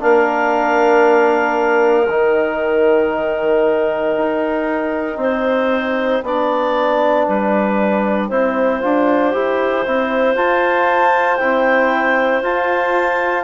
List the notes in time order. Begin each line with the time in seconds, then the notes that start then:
0.00 A#3 D4 A#4 F5
2.08 D#3 D#4 G5
4.18 D#4
5.17 C4 C5
6.23 B3 D4 D5
7.27 G3 B4
8.29 C4 E4 C5
8.82 D4 F4
9.32 E4 G4
9.85 C4 E4
10.35 F4 A5
11.37 C4 E4 G5
12.43 F4 A5